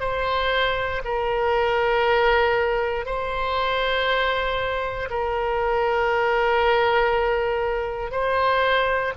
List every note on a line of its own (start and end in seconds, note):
0.00 1.02 C5
1.04 3.06 A#4
3.06 5.09 C5
5.10 8.11 A#4
8.11 9.13 C5